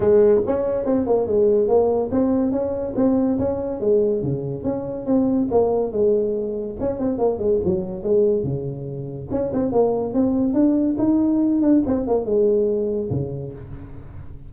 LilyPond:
\new Staff \with { instrumentName = "tuba" } { \time 4/4 \tempo 4 = 142 gis4 cis'4 c'8 ais8 gis4 | ais4 c'4 cis'4 c'4 | cis'4 gis4 cis4 cis'4 | c'4 ais4 gis2 |
cis'8 c'8 ais8 gis8 fis4 gis4 | cis2 cis'8 c'8 ais4 | c'4 d'4 dis'4. d'8 | c'8 ais8 gis2 cis4 | }